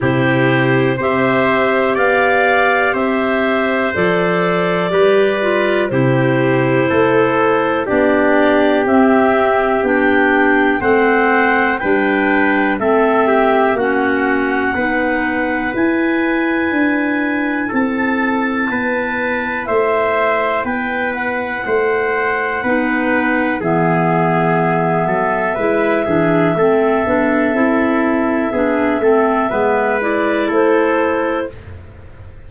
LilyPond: <<
  \new Staff \with { instrumentName = "clarinet" } { \time 4/4 \tempo 4 = 61 c''4 e''4 f''4 e''4 | d''2 c''2 | d''4 e''4 g''4 fis''4 | g''4 e''4 fis''2 |
gis''2 a''2 | e''4 g''8 fis''2~ fis''8 | e''1~ | e''2~ e''8 d''8 c''4 | }
  \new Staff \with { instrumentName = "trumpet" } { \time 4/4 g'4 c''4 d''4 c''4~ | c''4 b'4 g'4 a'4 | g'2. c''4 | b'4 a'8 g'8 fis'4 b'4~ |
b'2 a'4 b'4 | c''4 b'4 c''4 b'4 | gis'4. a'8 b'8 gis'8 a'4~ | a'4 gis'8 a'8 b'4 a'4 | }
  \new Staff \with { instrumentName = "clarinet" } { \time 4/4 e'4 g'2. | a'4 g'8 f'8 e'2 | d'4 c'4 d'4 c'4 | d'4 c'4 cis'4 dis'4 |
e'1~ | e'2. dis'4 | b2 e'8 d'8 c'8 d'8 | e'4 d'8 c'8 b8 e'4. | }
  \new Staff \with { instrumentName = "tuba" } { \time 4/4 c4 c'4 b4 c'4 | f4 g4 c4 a4 | b4 c'4 b4 a4 | g4 a4 ais4 b4 |
e'4 d'4 c'4 b4 | a4 b4 a4 b4 | e4. fis8 gis8 e8 a8 b8 | c'4 b8 a8 gis4 a4 | }
>>